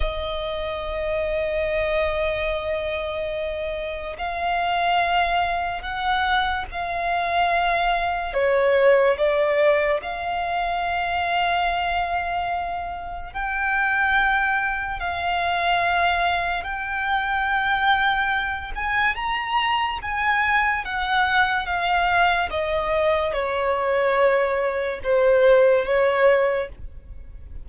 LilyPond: \new Staff \with { instrumentName = "violin" } { \time 4/4 \tempo 4 = 72 dis''1~ | dis''4 f''2 fis''4 | f''2 cis''4 d''4 | f''1 |
g''2 f''2 | g''2~ g''8 gis''8 ais''4 | gis''4 fis''4 f''4 dis''4 | cis''2 c''4 cis''4 | }